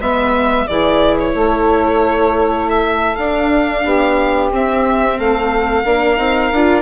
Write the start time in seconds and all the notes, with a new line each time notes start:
0.00 G#3 B3 B4 E5
0.68 E3 E4 G#4 D5
1.20 C#5
1.35 A3 A4
2.70 E5
3.16 D4 F5
3.84 B3 G4
4.51 C4 E5
5.17 A3 A4 F5
5.84 A#3 D4 A#4
6.17 C4 D#4
6.52 D4 F4